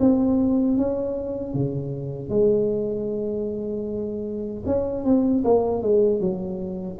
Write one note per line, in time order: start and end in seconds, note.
0.00 0.77 C4
0.77 1.54 C#4
1.54 2.30 C#3
2.30 4.63 G#3
4.66 5.04 C#4
5.04 5.43 C4
5.44 5.82 A#3
5.82 6.20 G#3
6.20 6.98 F#3